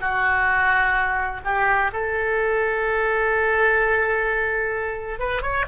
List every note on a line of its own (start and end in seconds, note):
0.00 1.41 F#4
1.44 1.91 G4
1.93 5.19 A4
5.19 5.42 B4
5.42 5.65 C#5